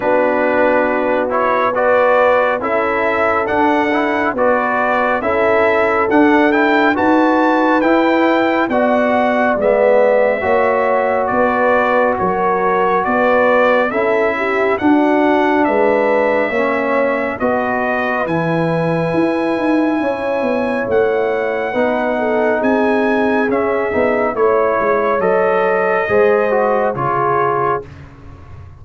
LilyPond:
<<
  \new Staff \with { instrumentName = "trumpet" } { \time 4/4 \tempo 4 = 69 b'4. cis''8 d''4 e''4 | fis''4 d''4 e''4 fis''8 g''8 | a''4 g''4 fis''4 e''4~ | e''4 d''4 cis''4 d''4 |
e''4 fis''4 e''2 | dis''4 gis''2. | fis''2 gis''4 e''4 | cis''4 dis''2 cis''4 | }
  \new Staff \with { instrumentName = "horn" } { \time 4/4 fis'2 b'4 a'4~ | a'4 b'4 a'2 | b'2 d''2 | cis''4 b'4 ais'4 b'4 |
a'8 g'8 fis'4 b'4 cis''4 | b'2. cis''4~ | cis''4 b'8 a'8 gis'2 | cis''2 c''4 gis'4 | }
  \new Staff \with { instrumentName = "trombone" } { \time 4/4 d'4. e'8 fis'4 e'4 | d'8 e'8 fis'4 e'4 d'8 e'8 | fis'4 e'4 fis'4 b4 | fis'1 |
e'4 d'2 cis'4 | fis'4 e'2.~ | e'4 dis'2 cis'8 dis'8 | e'4 a'4 gis'8 fis'8 f'4 | }
  \new Staff \with { instrumentName = "tuba" } { \time 4/4 b2. cis'4 | d'4 b4 cis'4 d'4 | dis'4 e'4 b4 gis4 | ais4 b4 fis4 b4 |
cis'4 d'4 gis4 ais4 | b4 e4 e'8 dis'8 cis'8 b8 | a4 b4 c'4 cis'8 b8 | a8 gis8 fis4 gis4 cis4 | }
>>